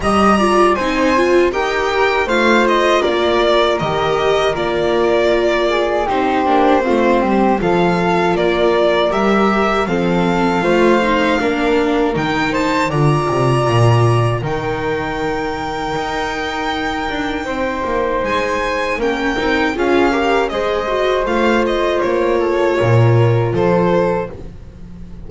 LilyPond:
<<
  \new Staff \with { instrumentName = "violin" } { \time 4/4 \tempo 4 = 79 ais''4 gis''4 g''4 f''8 dis''8 | d''4 dis''4 d''2 | c''2 f''4 d''4 | e''4 f''2. |
g''8 a''8 ais''2 g''4~ | g''1 | gis''4 g''4 f''4 dis''4 | f''8 dis''8 cis''2 c''4 | }
  \new Staff \with { instrumentName = "flute" } { \time 4/4 dis''8 d''8 c''4 ais'4 c''4 | ais'2.~ ais'8 gis'8 | g'4 f'8 g'8 a'4 ais'4~ | ais'4 a'4 c''4 ais'4~ |
ais'8 c''8 d''2 ais'4~ | ais'2. c''4~ | c''4 ais'4 gis'8 ais'8 c''4~ | c''4. a'8 ais'4 a'4 | }
  \new Staff \with { instrumentName = "viola" } { \time 4/4 g'8 f'8 dis'8 f'8 g'4 f'4~ | f'4 g'4 f'2 | dis'8 d'8 c'4 f'2 | g'4 c'4 f'8 dis'8 d'4 |
dis'4 f'2 dis'4~ | dis'1~ | dis'4 cis'8 dis'8 f'8 g'8 gis'8 fis'8 | f'1 | }
  \new Staff \with { instrumentName = "double bass" } { \time 4/4 g4 c'4 dis'4 a4 | ais4 dis4 ais2 | c'8 ais8 a8 g8 f4 ais4 | g4 f4 a4 ais4 |
dis4 d8 c8 ais,4 dis4~ | dis4 dis'4. d'8 c'8 ais8 | gis4 ais8 c'8 cis'4 gis4 | a4 ais4 ais,4 f4 | }
>>